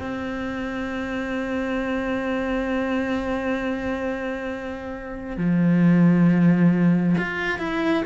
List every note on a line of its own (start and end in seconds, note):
0.00 5.37 C4
5.37 7.16 F3
7.18 7.59 F4
7.59 8.04 E4